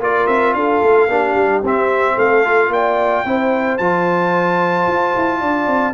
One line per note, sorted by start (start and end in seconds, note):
0.00 0.27 A#3
0.00 1.09 F4
0.00 0.56 A#4
0.00 0.27 D5
0.27 0.54 C4
0.27 0.54 E5
0.54 0.81 D4
0.54 1.10 A4
0.54 1.62 F5
0.83 1.08 A3
1.08 1.35 A#3
1.08 1.64 D4
1.08 2.15 G4
1.35 1.62 G3
1.63 2.17 C4
1.63 2.45 C4
1.63 2.19 E5
2.15 2.69 A3
2.15 2.69 A4
2.15 2.73 F5
2.45 3.26 F4
2.69 3.23 A#3
2.69 3.26 D5
2.69 3.78 G5
3.25 3.79 C4
3.25 3.80 E4
3.25 5.41 C5
3.78 4.87 F3
3.78 5.94 F4
3.78 5.94 A5
4.87 5.14 F4
5.16 5.42 E4
5.41 5.67 D4
5.41 5.94 D5
5.67 5.94 C4